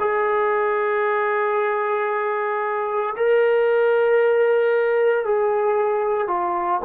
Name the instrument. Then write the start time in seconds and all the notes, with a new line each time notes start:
trombone
0.00 G#4
3.17 A#4
5.25 G#4
6.28 F4